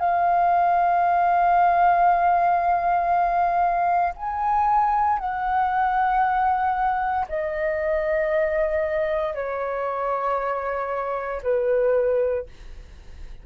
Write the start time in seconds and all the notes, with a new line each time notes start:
0.00 F5
4.17 G#5
5.20 F#5
7.29 D#5
9.35 C#5
11.43 B4